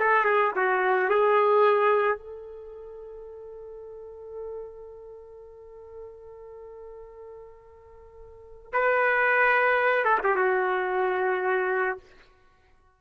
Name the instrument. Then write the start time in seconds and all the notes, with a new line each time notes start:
trumpet
0.00 A4
0.25 G#4
0.56 F#4
1.10 G#4
2.18 A4
8.73 B4
10.05 A4
10.24 G4
10.36 F#4